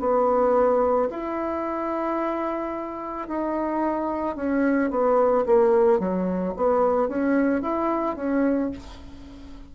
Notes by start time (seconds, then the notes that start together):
0.00 B3
1.10 E4
3.28 D#4
4.36 C#4
4.91 B3
5.46 A#3
6.00 F#3
6.57 B3
7.09 C#4
7.62 E4
8.16 C#4